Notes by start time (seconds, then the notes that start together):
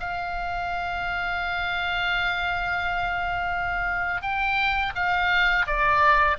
0.00 F5
4.22 G5
4.95 F5
5.66 D5